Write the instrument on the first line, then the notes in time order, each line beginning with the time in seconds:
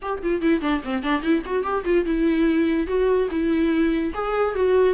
viola
0.02 G4
0.23 F4
0.41 E4
0.61 D4
0.83 C4
1.02 D4
1.21 E4
1.45 F#4
1.63 G4
1.84 F4
2.05 E4
2.87 F#4
3.30 E4
4.14 G#4
4.55 F#4